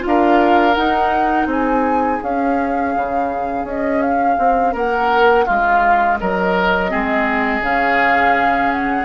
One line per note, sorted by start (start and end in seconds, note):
0.00 0.72 F4
0.00 0.75 F5
0.06 0.77 D4
0.06 1.48 A#4
0.75 1.46 D#4
0.75 2.22 D#4
0.75 1.47 F#5
1.46 2.19 C4
1.46 4.73 G#4
1.46 2.23 G#5
2.22 6.89 C#4
2.22 2.95 C#4
2.22 3.68 F5
2.96 3.64 C#3
3.64 4.37 C#4
3.64 4.02 D#5
4.02 4.75 F5
4.39 4.75 C4
4.73 5.47 A#3
4.73 5.45 A#4
4.73 5.46 F#5
5.46 6.22 G#3
5.46 6.18 F4
5.46 6.19 F5
6.20 6.94 F#3
6.20 6.91 A#4
6.20 7.64 D#5
6.89 7.61 G#3
6.89 7.62 C4
6.89 9.05 G#4
7.61 9.05 C#3
7.61 9.05 C#4
7.61 8.72 F5
8.72 9.05 F#5